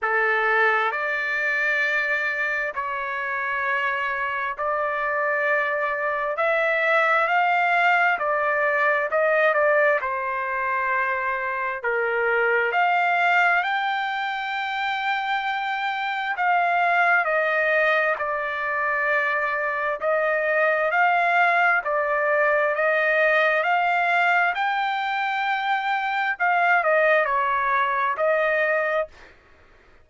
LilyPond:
\new Staff \with { instrumentName = "trumpet" } { \time 4/4 \tempo 4 = 66 a'4 d''2 cis''4~ | cis''4 d''2 e''4 | f''4 d''4 dis''8 d''8 c''4~ | c''4 ais'4 f''4 g''4~ |
g''2 f''4 dis''4 | d''2 dis''4 f''4 | d''4 dis''4 f''4 g''4~ | g''4 f''8 dis''8 cis''4 dis''4 | }